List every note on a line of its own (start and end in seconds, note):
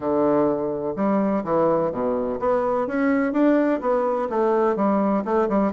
0.00 0.94 D3
0.95 1.43 G3
1.44 1.91 E3
1.91 2.39 B2
2.39 2.87 B3
2.87 3.32 C#4
3.32 3.80 D4
3.81 4.28 B3
4.29 4.76 A3
4.76 5.23 G3
5.24 5.48 A3
5.48 5.72 G3